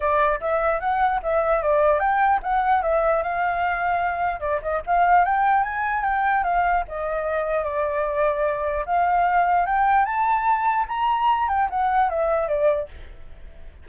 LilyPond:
\new Staff \with { instrumentName = "flute" } { \time 4/4 \tempo 4 = 149 d''4 e''4 fis''4 e''4 | d''4 g''4 fis''4 e''4 | f''2. d''8 dis''8 | f''4 g''4 gis''4 g''4 |
f''4 dis''2 d''4~ | d''2 f''2 | g''4 a''2 ais''4~ | ais''8 g''8 fis''4 e''4 d''4 | }